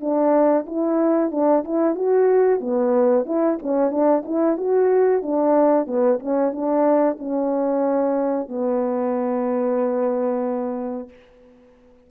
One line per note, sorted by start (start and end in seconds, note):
0.00 0.65 D4
0.66 1.31 E4
1.31 1.63 D4
1.64 1.95 E4
1.95 2.60 F#4
2.60 3.25 B3
3.25 3.58 E4
3.62 3.90 C#4
3.90 4.23 D4
4.25 4.57 E4
4.57 5.22 F#4
5.22 5.86 D4
5.86 6.19 B3
6.19 6.52 C#4
6.52 7.17 D4
7.18 8.48 C#4
8.48 11.09 B3